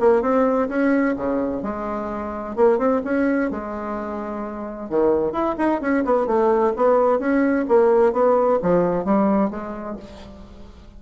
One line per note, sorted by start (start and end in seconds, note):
0.00 0.22 A#3
0.22 0.68 C4
0.69 1.15 C#4
1.16 1.63 C#3
1.63 2.56 G#3
2.56 2.78 A#3
2.78 3.02 C4
3.04 3.51 C#4
3.51 4.90 G#3
4.90 5.32 D#3
5.32 5.56 E4
5.58 5.81 D#4
5.81 6.04 C#4
6.05 6.27 B3
6.27 6.73 A3
6.76 7.19 B3
7.19 7.66 C#4
7.68 8.13 A#3
8.13 8.59 B3
8.62 9.05 F3
9.05 9.51 G3
9.51 9.97 G#3